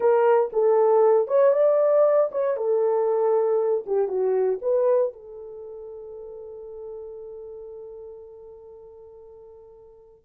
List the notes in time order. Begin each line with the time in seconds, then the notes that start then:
0.00 A#4
0.52 A4
1.27 C#5
1.52 D5
2.31 C#5
2.56 A4
3.86 G4
4.08 F#4
4.61 B4
5.13 A4